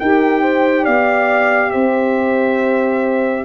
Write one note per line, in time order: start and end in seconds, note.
0.00 0.87 D#4
0.00 3.45 G4
0.00 0.42 A#4
0.00 0.86 G5
0.42 0.83 C5
0.83 1.74 B3
0.83 1.70 D5
0.83 1.71 F5
1.71 3.45 C4
1.71 3.45 C5
1.71 3.45 E5